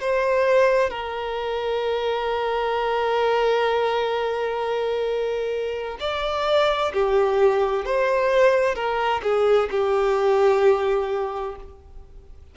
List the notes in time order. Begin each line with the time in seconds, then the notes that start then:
0.00 C5
0.90 A#4
6.00 D5
6.93 G4
7.85 C5
8.75 A#4
9.23 G#4
9.70 G4